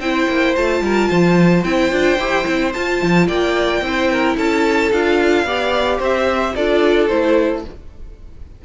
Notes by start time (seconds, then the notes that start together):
0.00 C4 E4 C5 G5
0.29 A#3
0.56 A3 F4 A5
0.81 G3 A#4
1.09 F3 C5
1.64 C4 E4 G5
1.91 D4 F4
2.19 E4 G4
2.45 C4 E4
2.73 F4 A5
3.03 F3
3.28 A#3 D5 G5
3.82 C4 E4 C5
4.12 A#4
4.37 C#4 A4 A5
4.92 D4 F4 F5
5.45 B3 G4 D5
5.99 C4 C5 E5
6.56 D4 F4 A4 D5
7.08 A3 E4 C5